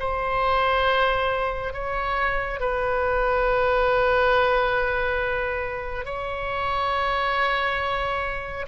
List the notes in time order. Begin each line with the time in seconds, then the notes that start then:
0.00 C5
1.74 C#5
2.60 B4
6.06 C#5